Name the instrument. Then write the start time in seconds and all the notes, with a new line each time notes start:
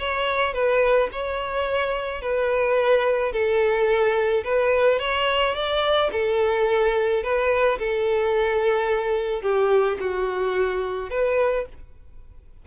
violin
0.00 C#5
0.54 B4
1.13 C#5
2.22 B4
3.33 A4
4.44 B4
5.00 C#5
5.56 D5
6.13 A4
7.23 B4
7.79 A4
9.42 G4
10.00 F#4
11.11 B4